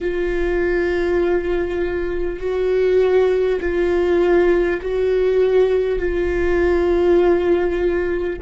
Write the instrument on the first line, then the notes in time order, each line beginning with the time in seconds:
viola
0.01 F4
2.39 F#4
3.60 F4
4.81 F#4
5.99 F4